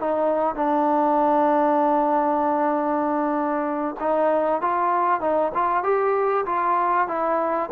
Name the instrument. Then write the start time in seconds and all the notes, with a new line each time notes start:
trombone
0.00 D#4
0.56 D4
4.00 D#4
4.62 F4
5.21 D#4
5.54 F4
5.83 G4
6.46 F4
7.08 E4